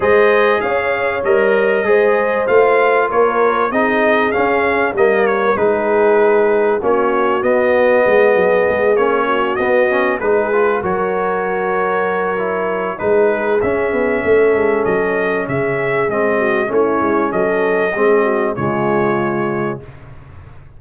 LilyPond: <<
  \new Staff \with { instrumentName = "trumpet" } { \time 4/4 \tempo 4 = 97 dis''4 f''4 dis''2 | f''4 cis''4 dis''4 f''4 | dis''8 cis''8 b'2 cis''4 | dis''2~ dis''8 cis''4 dis''8~ |
dis''8 b'4 cis''2~ cis''8~ | cis''4 b'4 e''2 | dis''4 e''4 dis''4 cis''4 | dis''2 cis''2 | }
  \new Staff \with { instrumentName = "horn" } { \time 4/4 c''4 cis''2 c''4~ | c''4 ais'4 gis'2 | ais'4 gis'2 fis'4~ | fis'4 gis'2 fis'4~ |
fis'8 gis'4 ais'2~ ais'8~ | ais'4 gis'2 a'4~ | a'4 gis'4. fis'8 e'4 | a'4 gis'8 fis'8 f'2 | }
  \new Staff \with { instrumentName = "trombone" } { \time 4/4 gis'2 ais'4 gis'4 | f'2 dis'4 cis'4 | ais4 dis'2 cis'4 | b2~ b8 cis'4 b8 |
cis'8 dis'8 f'8 fis'2~ fis'8 | e'4 dis'4 cis'2~ | cis'2 c'4 cis'4~ | cis'4 c'4 gis2 | }
  \new Staff \with { instrumentName = "tuba" } { \time 4/4 gis4 cis'4 g4 gis4 | a4 ais4 c'4 cis'4 | g4 gis2 ais4 | b4 gis8 fis8 gis8 ais4 b8~ |
b8 gis4 fis2~ fis8~ | fis4 gis4 cis'8 b8 a8 gis8 | fis4 cis4 gis4 a8 gis8 | fis4 gis4 cis2 | }
>>